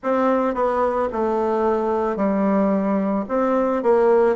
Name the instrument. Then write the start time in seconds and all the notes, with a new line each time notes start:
bassoon
0.03 C4
0.54 B3
1.12 A3
2.16 G3
3.28 C4
3.82 A#3